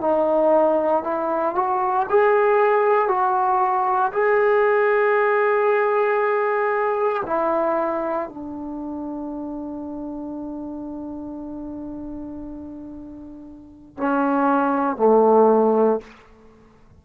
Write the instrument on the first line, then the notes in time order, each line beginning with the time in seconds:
trombone
0.00 D#4
1.03 E4
1.55 F#4
2.09 G#4
3.08 F#4
4.12 G#4
7.26 E4
8.28 D4
13.97 C#4
14.96 A3